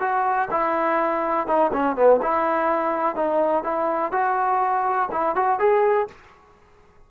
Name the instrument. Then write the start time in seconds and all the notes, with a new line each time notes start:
trombone
0.00 F#4
0.51 E4
1.47 D#4
1.73 C#4
1.96 B3
2.22 E4
3.16 D#4
3.64 E4
4.12 F#4
5.12 E4
5.36 F#4
5.60 G#4